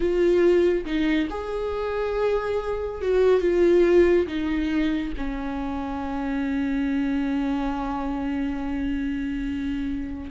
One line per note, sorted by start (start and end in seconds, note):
0.00 0.85 F4
0.85 1.27 D#4
1.30 3.01 G#4
3.01 3.41 F#4
3.41 4.26 F4
4.26 5.12 D#4
5.17 10.30 C#4